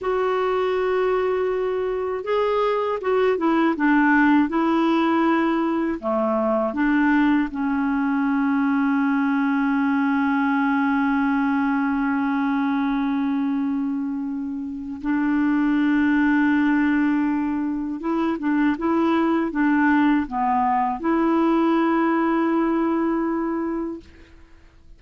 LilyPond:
\new Staff \with { instrumentName = "clarinet" } { \time 4/4 \tempo 4 = 80 fis'2. gis'4 | fis'8 e'8 d'4 e'2 | a4 d'4 cis'2~ | cis'1~ |
cis'1 | d'1 | e'8 d'8 e'4 d'4 b4 | e'1 | }